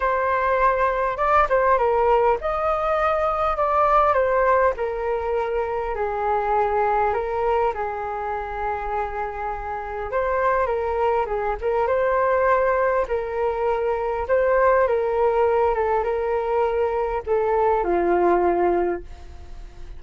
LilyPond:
\new Staff \with { instrumentName = "flute" } { \time 4/4 \tempo 4 = 101 c''2 d''8 c''8 ais'4 | dis''2 d''4 c''4 | ais'2 gis'2 | ais'4 gis'2.~ |
gis'4 c''4 ais'4 gis'8 ais'8 | c''2 ais'2 | c''4 ais'4. a'8 ais'4~ | ais'4 a'4 f'2 | }